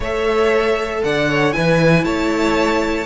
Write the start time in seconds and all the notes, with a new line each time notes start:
0.00 A3 A4 C#5 E5
1.04 D3 D5 F#5
1.29 C#5
1.52 E3 E4 B4 G#5
2.04 A3 C#5 A5